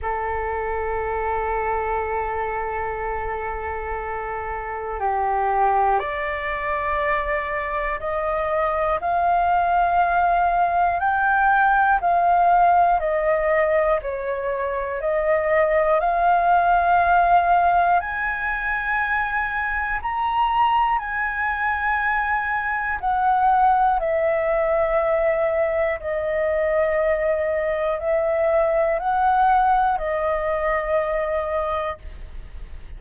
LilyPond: \new Staff \with { instrumentName = "flute" } { \time 4/4 \tempo 4 = 60 a'1~ | a'4 g'4 d''2 | dis''4 f''2 g''4 | f''4 dis''4 cis''4 dis''4 |
f''2 gis''2 | ais''4 gis''2 fis''4 | e''2 dis''2 | e''4 fis''4 dis''2 | }